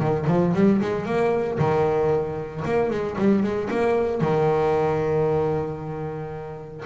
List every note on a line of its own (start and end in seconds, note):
0.00 0.26 D#3
0.27 0.54 F3
0.55 0.81 G3
0.81 1.06 G#3
1.06 1.59 A#3
1.59 2.64 D#3
2.65 2.91 A#3
2.91 3.17 G#3
3.18 3.43 G3
3.43 3.70 G#3
3.71 4.22 A#3
4.22 6.85 D#3